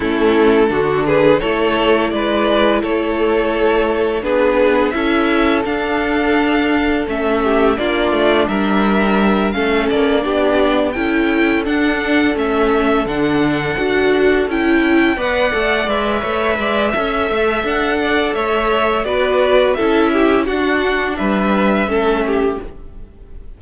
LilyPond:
<<
  \new Staff \with { instrumentName = "violin" } { \time 4/4 \tempo 4 = 85 a'4. b'8 cis''4 d''4 | cis''2 b'4 e''4 | f''2 e''4 d''4 | e''4. f''8 d''4. g''8~ |
g''8 fis''4 e''4 fis''4.~ | fis''8 g''4 fis''4 e''4.~ | e''4 fis''4 e''4 d''4 | e''4 fis''4 e''2 | }
  \new Staff \with { instrumentName = "violin" } { \time 4/4 e'4 fis'8 gis'8 a'4 b'4 | a'2 gis'4 a'4~ | a'2~ a'8 g'8 f'4 | ais'4. a'4 g'4 a'8~ |
a'1~ | a'4. d''4. cis''8 d''8 | e''4. d''8 cis''4 b'4 | a'8 g'8 fis'4 b'4 a'8 g'8 | }
  \new Staff \with { instrumentName = "viola" } { \time 4/4 cis'4 d'4 e'2~ | e'2 d'4 e'4 | d'2 cis'4 d'4~ | d'4. cis'4 d'4 e'8~ |
e'8 d'4 cis'4 d'4 fis'8~ | fis'8 e'4 b'8 a'8 b'4. | a'2. fis'4 | e'4 d'2 cis'4 | }
  \new Staff \with { instrumentName = "cello" } { \time 4/4 a4 d4 a4 gis4 | a2 b4 cis'4 | d'2 a4 ais8 a8 | g4. a8 ais8 b4 cis'8~ |
cis'8 d'4 a4 d4 d'8~ | d'8 cis'4 b8 a8 gis8 a8 gis8 | cis'8 a8 d'4 a4 b4 | cis'4 d'4 g4 a4 | }
>>